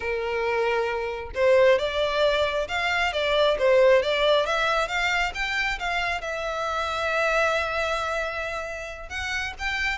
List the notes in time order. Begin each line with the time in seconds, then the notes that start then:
0.00 A#4
1.35 C5
1.78 D5
2.68 F5
3.13 D5
3.59 C5
4.02 D5
4.46 E5
4.88 F5
5.34 G5
5.79 F5
6.21 E5
9.09 F#5
9.59 G5